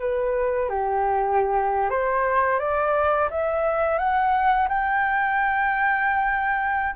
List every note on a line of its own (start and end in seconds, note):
0.00 0.69 B4
0.69 1.90 G4
1.90 2.59 C5
2.59 3.29 D5
3.31 3.99 E5
3.99 4.68 F#5
4.69 6.95 G5